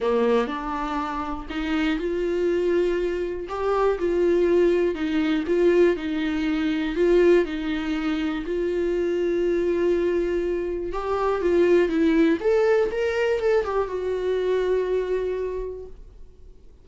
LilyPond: \new Staff \with { instrumentName = "viola" } { \time 4/4 \tempo 4 = 121 ais4 d'2 dis'4 | f'2. g'4 | f'2 dis'4 f'4 | dis'2 f'4 dis'4~ |
dis'4 f'2.~ | f'2 g'4 f'4 | e'4 a'4 ais'4 a'8 g'8 | fis'1 | }